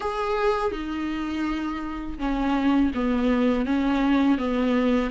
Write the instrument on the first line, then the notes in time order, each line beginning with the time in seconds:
viola
0.00 G#4
0.72 D#4
2.18 C#4
2.94 B3
3.65 C#4
4.38 B3